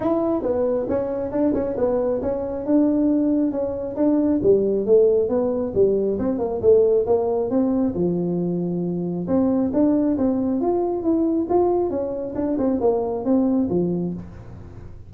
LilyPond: \new Staff \with { instrumentName = "tuba" } { \time 4/4 \tempo 4 = 136 e'4 b4 cis'4 d'8 cis'8 | b4 cis'4 d'2 | cis'4 d'4 g4 a4 | b4 g4 c'8 ais8 a4 |
ais4 c'4 f2~ | f4 c'4 d'4 c'4 | f'4 e'4 f'4 cis'4 | d'8 c'8 ais4 c'4 f4 | }